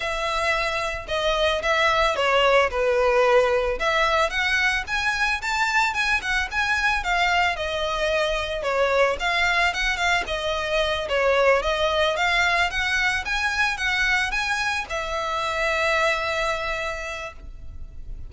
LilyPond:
\new Staff \with { instrumentName = "violin" } { \time 4/4 \tempo 4 = 111 e''2 dis''4 e''4 | cis''4 b'2 e''4 | fis''4 gis''4 a''4 gis''8 fis''8 | gis''4 f''4 dis''2 |
cis''4 f''4 fis''8 f''8 dis''4~ | dis''8 cis''4 dis''4 f''4 fis''8~ | fis''8 gis''4 fis''4 gis''4 e''8~ | e''1 | }